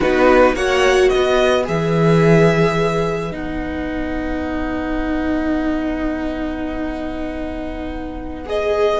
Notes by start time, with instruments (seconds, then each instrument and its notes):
0.00 cello B3, viola D#4, violin F#4 B4
0.54 cello A#3, viola F#4, violin C#5 F#5
1.08 violin B4 D#5
1.15 cello B3
1.64 cello E3, viola G#4, violin E5
3.30 cello B3, viola D#4, violin F#5
8.45 viola G#4, violin D#5